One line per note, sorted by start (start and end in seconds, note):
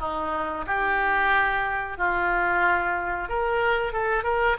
0.00 0.66 D#4
0.67 1.98 G4
1.98 3.29 F4
3.29 3.93 A#4
3.93 4.24 A4
4.24 4.57 A#4